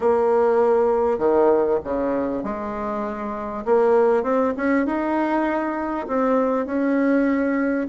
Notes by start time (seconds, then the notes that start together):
0.00 A#3
1.18 D#3
1.83 C#3
2.43 G#3
3.65 A#3
4.23 C4
4.56 C#4
4.86 D#4
6.07 C4
6.66 C#4